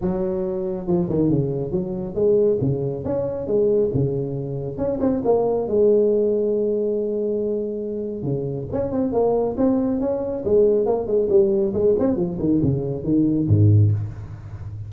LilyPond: \new Staff \with { instrumentName = "tuba" } { \time 4/4 \tempo 4 = 138 fis2 f8 dis8 cis4 | fis4 gis4 cis4 cis'4 | gis4 cis2 cis'8 c'8 | ais4 gis2.~ |
gis2. cis4 | cis'8 c'8 ais4 c'4 cis'4 | gis4 ais8 gis8 g4 gis8 c'8 | f8 dis8 cis4 dis4 gis,4 | }